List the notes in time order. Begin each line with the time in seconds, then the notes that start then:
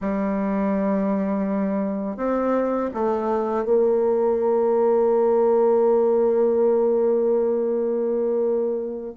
0.00 G3
2.16 C4
2.94 A3
3.64 A#3